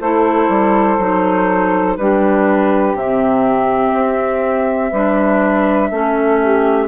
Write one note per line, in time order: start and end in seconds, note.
0.00 0.49 A3
0.00 1.00 E4
0.00 1.97 A4
0.00 1.97 C5
0.49 0.98 G3
0.98 1.97 F#3
0.98 1.98 D#4
1.97 2.94 G3
1.97 2.97 D4
1.97 4.91 G4
1.97 2.95 B4
2.94 3.93 C3
2.94 4.94 C4
2.94 6.88 E5
3.93 4.92 C4
4.91 5.91 G3
4.91 5.92 D4
4.91 5.89 B4
5.91 6.88 A3
5.91 6.88 C#4
5.91 6.41 A4
6.41 6.88 G4